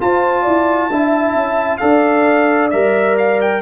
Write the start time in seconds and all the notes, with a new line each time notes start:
0.00 F4 C5 A5
0.42 E4 D5
0.89 D4 E4 E5
1.35 C#4
1.78 D4 A4 D5 F5
2.70 G3 A#4 E5
3.18 F5
3.41 G5